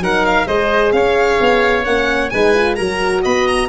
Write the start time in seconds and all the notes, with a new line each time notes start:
0.00 F#3 D#4 A#4 F#5
0.25 F5
0.45 G#3 G#4 C5 D#5
0.92 C#4 C#5 F5
1.40 B3
1.84 A#3 C#4 F#5
2.29 G#3 D#4 B4 G#5
2.54 F4
2.75 F#3 F#4 A#4 A#5
3.22 B3 D#5 B5
3.47 A#5